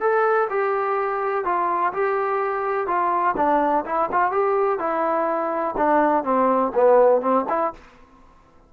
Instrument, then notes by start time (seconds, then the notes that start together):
trombone
0.00 A4
0.49 G4
1.44 F4
1.93 G4
2.87 F4
3.36 D4
3.85 E4
4.11 F4
4.31 G4
4.79 E4
5.77 D4
6.24 C4
6.74 B3
7.21 C4
7.49 E4